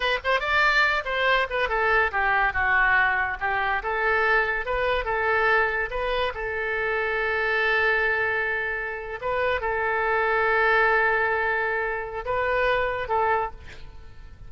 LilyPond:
\new Staff \with { instrumentName = "oboe" } { \time 4/4 \tempo 4 = 142 b'8 c''8 d''4. c''4 b'8 | a'4 g'4 fis'2 | g'4 a'2 b'4 | a'2 b'4 a'4~ |
a'1~ | a'4.~ a'16 b'4 a'4~ a'16~ | a'1~ | a'4 b'2 a'4 | }